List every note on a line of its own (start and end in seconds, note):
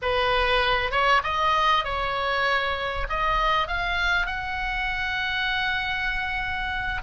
0.02 0.91 B4
0.91 1.22 C#5
1.23 1.84 D#5
1.84 3.07 C#5
3.09 3.67 D#5
3.67 4.26 F5
4.26 7.01 F#5